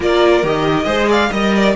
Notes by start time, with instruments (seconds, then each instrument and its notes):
0.00 cello A#3, viola F4, violin A#4 D5
0.43 cello D#3, viola G4, violin D#5
0.84 cello G#3, viola G#4, violin C5
1.07 violin D5 F5
1.30 cello G3, viola A#4, violin D#5
1.55 violin D5